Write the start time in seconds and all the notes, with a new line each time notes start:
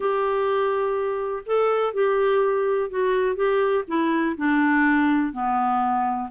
0.00 G4
1.46 A4
1.93 G4
2.89 F#4
3.35 G4
3.87 E4
4.37 D4
5.32 B3